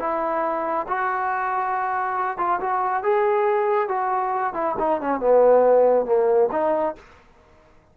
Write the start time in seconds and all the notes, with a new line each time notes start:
0.00 E4
0.88 F#4
2.38 F4
2.61 F#4
3.04 G#4
3.89 F#4
4.54 E4
4.79 D#4
5.02 C#4
5.20 B3
6.06 A#3
6.52 D#4